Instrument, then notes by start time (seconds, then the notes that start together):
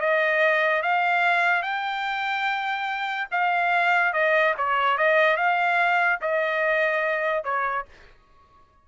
trumpet
0.00 D#5
0.82 F5
1.62 G5
3.31 F5
4.13 D#5
4.57 C#5
4.97 D#5
5.36 F5
6.21 D#5
7.44 C#5